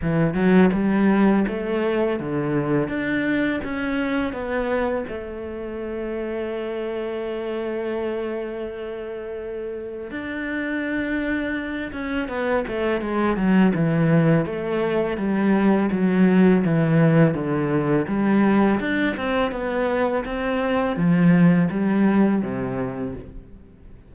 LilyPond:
\new Staff \with { instrumentName = "cello" } { \time 4/4 \tempo 4 = 83 e8 fis8 g4 a4 d4 | d'4 cis'4 b4 a4~ | a1~ | a2 d'2~ |
d'8 cis'8 b8 a8 gis8 fis8 e4 | a4 g4 fis4 e4 | d4 g4 d'8 c'8 b4 | c'4 f4 g4 c4 | }